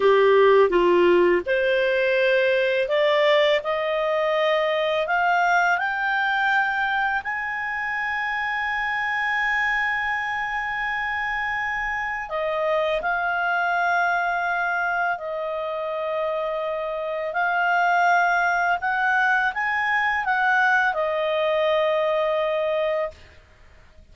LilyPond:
\new Staff \with { instrumentName = "clarinet" } { \time 4/4 \tempo 4 = 83 g'4 f'4 c''2 | d''4 dis''2 f''4 | g''2 gis''2~ | gis''1~ |
gis''4 dis''4 f''2~ | f''4 dis''2. | f''2 fis''4 gis''4 | fis''4 dis''2. | }